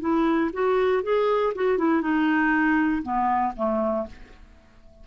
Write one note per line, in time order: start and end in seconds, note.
0.00 0.50 E4
0.53 1.03 F#4
1.03 1.54 G#4
1.55 1.78 F#4
1.78 2.01 E4
2.01 3.02 D#4
3.02 3.53 B3
3.56 4.07 A3